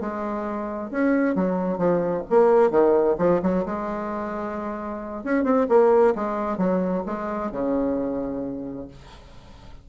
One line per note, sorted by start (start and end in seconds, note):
0.00 0.90 G#3
0.90 1.35 C#4
1.35 1.77 F#3
1.77 2.23 F3
2.30 2.70 A#3
2.70 3.16 D#3
3.18 3.41 F3
3.42 3.65 F#3
3.65 5.24 G#3
5.24 5.44 C#4
5.44 5.66 C4
5.68 6.14 A#3
6.15 6.57 G#3
6.57 7.03 F#3
7.06 7.51 G#3
7.51 8.87 C#3